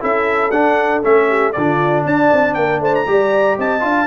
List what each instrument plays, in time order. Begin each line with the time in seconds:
0.00 tuba C#4, trombone E4, horn A4, trumpet E5
0.51 tuba D4, trombone D4, trumpet F#5
1.03 tuba A3, trombone C#4, trumpet E5
1.28 horn G4
1.52 tuba D3, horn F4, trumpet D5
1.59 trombone D4
2.05 tuba D4, horn D5, trumpet A5
2.32 tuba C4
2.54 tuba A#3, horn A#4, trumpet G5
2.80 tuba A3, horn C5, trumpet A5
2.95 trumpet A#5
3.07 tuba G3, trombone G4, horn D5
3.58 tuba C4, horn D#5, trumpet A5
3.80 tuba D4, trombone F4, horn F5